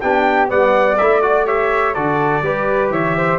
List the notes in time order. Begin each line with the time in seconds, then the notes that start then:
0.00 B3 D4 G4 G5
0.48 G3 B3 D5 F#5
0.97 A3 E4 E5
1.21 F#4 D5
1.45 G4 C#5 E5
1.94 D3 F#4 A4 D5
2.42 G3 G4 B4
2.90 E3 C#5 E5
3.16 C5